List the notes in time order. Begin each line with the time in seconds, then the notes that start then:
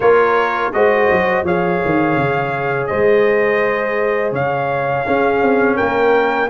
0.00 A#3 F4 A#4 C#5
0.73 G#3 F#4 C5 D#5
1.10 F#3
1.43 F3 G#4 C#5 F5
1.84 D#3
2.16 C#3
2.86 G#3 C5 D#5
4.31 C#3 C#5 F5
5.06 C#4 G#4
5.41 C4
5.75 A#3 A#4 G5